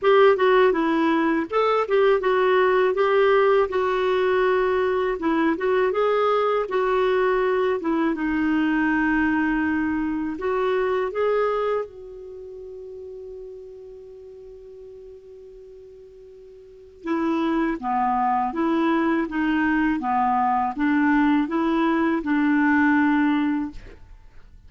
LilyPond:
\new Staff \with { instrumentName = "clarinet" } { \time 4/4 \tempo 4 = 81 g'8 fis'8 e'4 a'8 g'8 fis'4 | g'4 fis'2 e'8 fis'8 | gis'4 fis'4. e'8 dis'4~ | dis'2 fis'4 gis'4 |
fis'1~ | fis'2. e'4 | b4 e'4 dis'4 b4 | d'4 e'4 d'2 | }